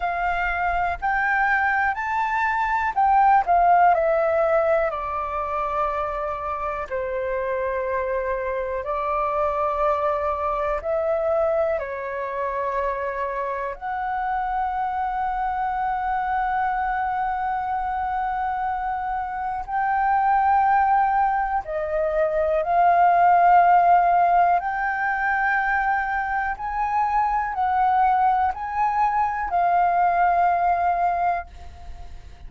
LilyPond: \new Staff \with { instrumentName = "flute" } { \time 4/4 \tempo 4 = 61 f''4 g''4 a''4 g''8 f''8 | e''4 d''2 c''4~ | c''4 d''2 e''4 | cis''2 fis''2~ |
fis''1 | g''2 dis''4 f''4~ | f''4 g''2 gis''4 | fis''4 gis''4 f''2 | }